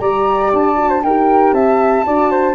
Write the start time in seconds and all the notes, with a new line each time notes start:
0.00 G3 G4 D5 A#5
0.53 D4 A5
0.76 F#4
0.89 C5
1.03 D#4 G4 A#4 G5
1.53 C4 E5 A5
2.06 D4 F#4 D5
2.31 C5